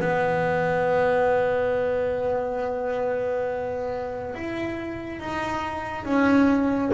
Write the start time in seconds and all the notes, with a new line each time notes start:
0.00 B3
4.35 E4
5.20 D#4
6.04 C#4